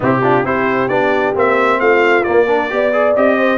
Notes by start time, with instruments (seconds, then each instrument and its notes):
0.00 tuba C3, trombone C4, horn E4, trumpet G4
0.23 trombone D4, horn F4
0.44 tuba C4, trombone E4, horn G4, trumpet C5
0.88 tuba B3, trombone D4, trumpet D5
1.34 tuba A#3, trombone C4, trumpet E5
1.79 tuba A3, horn F4, trumpet F5
2.23 trombone A#3, tuba A#3, trumpet D5
2.46 trombone D4, horn A#4
2.69 tuba B3, trombone G4, horn D5
2.92 trombone G#4
3.15 tuba C4, trombone G4, trumpet D#5
3.38 horn C5